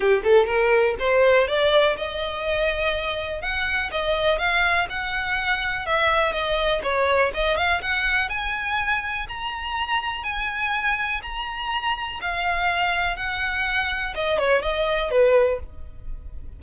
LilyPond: \new Staff \with { instrumentName = "violin" } { \time 4/4 \tempo 4 = 123 g'8 a'8 ais'4 c''4 d''4 | dis''2. fis''4 | dis''4 f''4 fis''2 | e''4 dis''4 cis''4 dis''8 f''8 |
fis''4 gis''2 ais''4~ | ais''4 gis''2 ais''4~ | ais''4 f''2 fis''4~ | fis''4 dis''8 cis''8 dis''4 b'4 | }